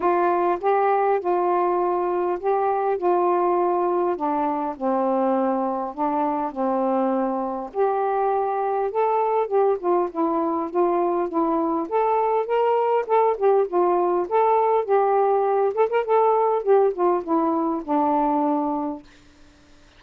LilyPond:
\new Staff \with { instrumentName = "saxophone" } { \time 4/4 \tempo 4 = 101 f'4 g'4 f'2 | g'4 f'2 d'4 | c'2 d'4 c'4~ | c'4 g'2 a'4 |
g'8 f'8 e'4 f'4 e'4 | a'4 ais'4 a'8 g'8 f'4 | a'4 g'4. a'16 ais'16 a'4 | g'8 f'8 e'4 d'2 | }